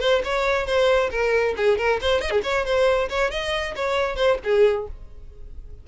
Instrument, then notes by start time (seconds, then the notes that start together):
violin
0.00 C5
0.24 C#5
0.66 C5
1.11 A#4
1.57 G#4
1.78 A#4
2.01 C5
2.21 D#5
2.30 G#4
2.43 C#5
2.65 C5
3.09 C#5
3.31 D#5
3.76 C#5
4.16 C5
4.44 G#4